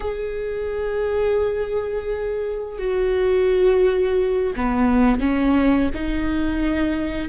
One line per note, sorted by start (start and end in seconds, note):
0.00 2.78 G#4
2.78 4.53 F#4
4.56 5.20 B3
5.20 5.90 C#4
5.93 7.28 D#4